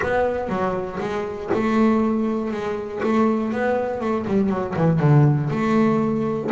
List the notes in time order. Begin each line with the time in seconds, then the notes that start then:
0.01 B3
0.48 F#3
1.00 G#3
1.53 A3
2.51 G#3
3.02 A3
3.52 B3
4.00 A3
4.27 G3
4.49 F#3
4.76 E3
4.99 D3
5.50 A3